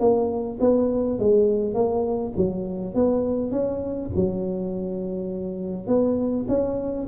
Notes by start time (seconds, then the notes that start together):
0.00 A#3
0.60 B3
1.19 G#3
1.74 A#3
2.37 F#3
2.95 B3
3.52 C#4
4.16 F#3
5.87 B3
6.48 C#4